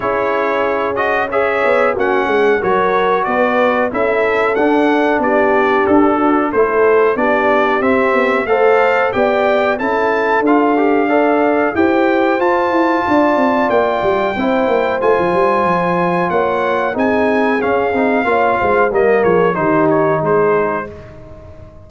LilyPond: <<
  \new Staff \with { instrumentName = "trumpet" } { \time 4/4 \tempo 4 = 92 cis''4. dis''8 e''4 fis''4 | cis''4 d''4 e''4 fis''4 | d''4 a'4 c''4 d''4 | e''4 f''4 g''4 a''4 |
f''2 g''4 a''4~ | a''4 g''2 gis''4~ | gis''4 fis''4 gis''4 f''4~ | f''4 dis''8 cis''8 c''8 cis''8 c''4 | }
  \new Staff \with { instrumentName = "horn" } { \time 4/4 gis'2 cis''4 fis'8 gis'8 | ais'4 b'4 a'2 | g'4. fis'8 a'4 g'4~ | g'4 c''4 d''4 a'4~ |
a'4 d''4 c''2 | d''2 c''2~ | c''4 cis''4 gis'2 | cis''8 c''8 ais'8 gis'8 g'4 gis'4 | }
  \new Staff \with { instrumentName = "trombone" } { \time 4/4 e'4. fis'8 gis'4 cis'4 | fis'2 e'4 d'4~ | d'2 e'4 d'4 | c'4 a'4 g'4 e'4 |
f'8 g'8 a'4 g'4 f'4~ | f'2 e'4 f'4~ | f'2 dis'4 cis'8 dis'8 | f'4 ais4 dis'2 | }
  \new Staff \with { instrumentName = "tuba" } { \time 4/4 cis'2~ cis'8 b8 ais8 gis8 | fis4 b4 cis'4 d'4 | b4 d'4 a4 b4 | c'8 b8 a4 b4 cis'4 |
d'2 e'4 f'8 e'8 | d'8 c'8 ais8 g8 c'8 ais8 a16 f16 g8 | f4 ais4 c'4 cis'8 c'8 | ais8 gis8 g8 f8 dis4 gis4 | }
>>